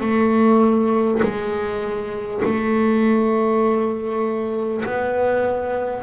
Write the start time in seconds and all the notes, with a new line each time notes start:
0.00 A3
1.22 G#3
2.44 A3
4.85 B3